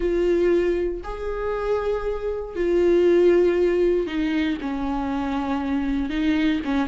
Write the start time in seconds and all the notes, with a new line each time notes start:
0.00 F4
1.03 G#4
2.55 F4
4.06 D#4
4.61 C#4
6.09 D#4
6.64 C#4